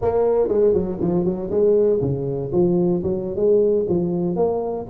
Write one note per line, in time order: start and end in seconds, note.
0.01 0.48 A#3
0.48 0.73 G#3
0.73 0.98 F#3
1.00 1.25 F3
1.25 1.50 F#3
1.50 2.00 G#3
2.01 2.51 C#3
2.52 3.02 F3
3.03 3.36 F#3
3.36 3.86 G#3
3.88 4.36 F3
4.36 4.86 A#3